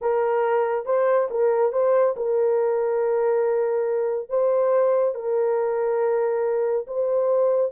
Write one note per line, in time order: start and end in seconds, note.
0.01 0.85 A#4
0.85 1.28 C5
1.30 1.72 A#4
1.72 2.15 C5
2.16 4.29 A#4
4.29 5.14 C5
5.14 6.86 A#4
6.87 7.72 C5